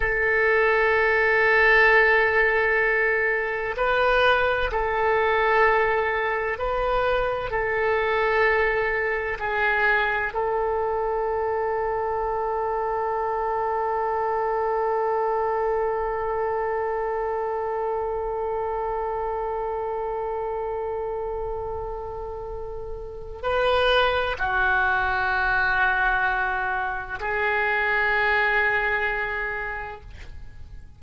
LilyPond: \new Staff \with { instrumentName = "oboe" } { \time 4/4 \tempo 4 = 64 a'1 | b'4 a'2 b'4 | a'2 gis'4 a'4~ | a'1~ |
a'1~ | a'1~ | a'4 b'4 fis'2~ | fis'4 gis'2. | }